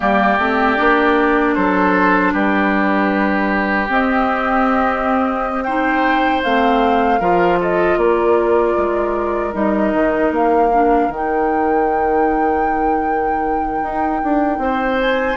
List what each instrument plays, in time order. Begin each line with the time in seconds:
0.00 bassoon G3, clarinet A#3, oboe G4, flute D5
0.38 bassoon A3, clarinet C4
0.76 bassoon A#3, clarinet D4
1.54 bassoon F#3, oboe A4, flute C5
2.32 bassoon G3, oboe G4, flute B4
3.88 clarinet C4, bassoon C4, flute D#5
5.63 clarinet D#4, oboe C5, flute G5
6.43 bassoon A3, clarinet C4, flute F5
7.19 bassoon F3, clarinet F4, oboe A#4
7.60 oboe A4, flute D#5
7.96 bassoon A#3, oboe A#4, flute D5
8.77 bassoon G#3
9.52 bassoon G3, clarinet D#4, flute D#5
9.92 bassoon D#3
10.31 bassoon A#3, flute F5
10.72 clarinet D4
11.08 bassoon D#3, clarinet D#4, flute G5
13.82 bassoon D#4
14.23 bassoon D4
14.58 bassoon C4, oboe C5
15.00 flute G#5